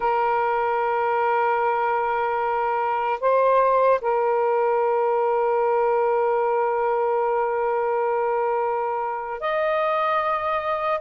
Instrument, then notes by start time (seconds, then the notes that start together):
saxophone
0.00 A#4
3.20 C5
4.01 A#4
9.40 D#5